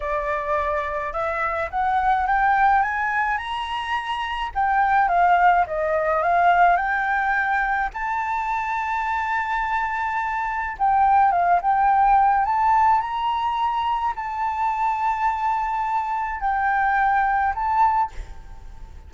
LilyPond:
\new Staff \with { instrumentName = "flute" } { \time 4/4 \tempo 4 = 106 d''2 e''4 fis''4 | g''4 gis''4 ais''2 | g''4 f''4 dis''4 f''4 | g''2 a''2~ |
a''2. g''4 | f''8 g''4. a''4 ais''4~ | ais''4 a''2.~ | a''4 g''2 a''4 | }